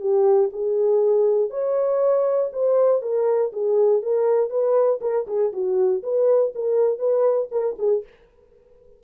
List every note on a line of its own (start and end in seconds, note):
0.00 0.50 G4
0.52 1.50 G#4
1.50 2.50 C#5
2.52 3.02 C5
3.02 3.52 A#4
3.52 4.02 G#4
4.02 4.50 A#4
4.50 5.00 B4
5.01 5.26 A#4
5.27 5.52 G#4
5.52 6.02 F#4
6.03 6.53 B4
6.55 6.98 A#4
6.98 7.48 B4
7.51 7.76 A#4
7.78 8.03 G#4